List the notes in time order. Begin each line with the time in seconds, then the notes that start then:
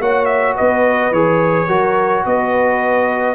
0.00 A#3 F#4 C#5 F#5
0.25 E5
0.55 B3 B4 D#5
1.11 E3 G#4 C#5
1.67 F#3 F#4 A#4
2.26 B3 B4 D#5